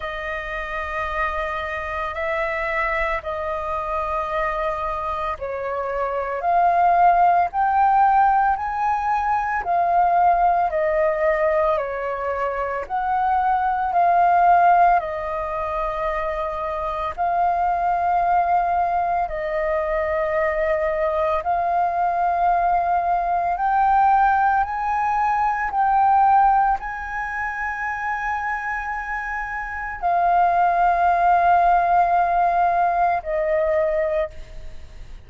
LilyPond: \new Staff \with { instrumentName = "flute" } { \time 4/4 \tempo 4 = 56 dis''2 e''4 dis''4~ | dis''4 cis''4 f''4 g''4 | gis''4 f''4 dis''4 cis''4 | fis''4 f''4 dis''2 |
f''2 dis''2 | f''2 g''4 gis''4 | g''4 gis''2. | f''2. dis''4 | }